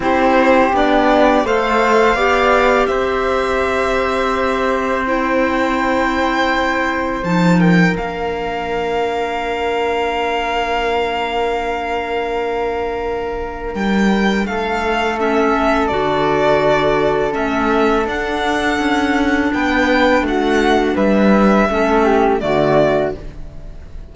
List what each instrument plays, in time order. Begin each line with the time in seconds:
0.00 cello C4, clarinet E4, flute G4, violin C5
0.73 cello B3, clarinet D4, violin D5
1.44 cello A3, clarinet A4, flute C5, violin F5
2.14 cello B3, clarinet G4, flute D5
2.86 cello C4, flute C5, violin E5
5.06 clarinet E4, violin G5
7.23 cello F3, clarinet D#4, violin A5
7.59 flute A#4, violin G5
7.94 cello A#3, clarinet D4, violin F5
13.74 cello G3, violin G5
14.46 cello A3, flute A4, violin F5
15.19 clarinet C#4, violin E5
15.87 cello D3, clarinet F#4, violin D5
17.31 cello A3, clarinet C#4, violin E5
18.06 cello D4, clarinet D4, violin F#5
18.79 cello C#4
19.53 cello B3, flute B4, violin G5
20.21 cello A3, flute F#4
20.27 violin F#5
20.95 cello G3, flute B4, violin E5
21.69 cello A3, clarinet C#4, flute A4
22.04 flute G4
22.39 cello D3, clarinet A3, flute F#4, violin D5